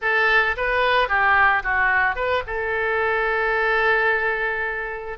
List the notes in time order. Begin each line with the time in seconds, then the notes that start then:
0.01 A4
0.56 B4
1.08 G4
1.63 F#4
2.15 B4
2.46 A4